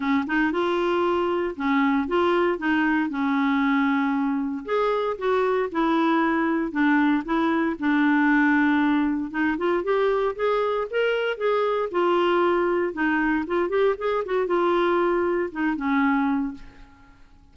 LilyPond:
\new Staff \with { instrumentName = "clarinet" } { \time 4/4 \tempo 4 = 116 cis'8 dis'8 f'2 cis'4 | f'4 dis'4 cis'2~ | cis'4 gis'4 fis'4 e'4~ | e'4 d'4 e'4 d'4~ |
d'2 dis'8 f'8 g'4 | gis'4 ais'4 gis'4 f'4~ | f'4 dis'4 f'8 g'8 gis'8 fis'8 | f'2 dis'8 cis'4. | }